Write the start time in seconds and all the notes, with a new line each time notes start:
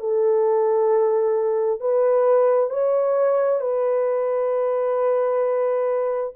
0.00 A4
1.81 B4
2.70 C#5
3.61 B4